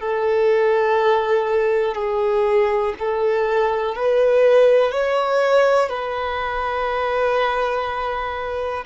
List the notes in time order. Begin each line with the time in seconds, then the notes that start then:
0.00 A4
1.95 G#4
2.99 A4
3.95 B4
4.91 C#5
5.89 B4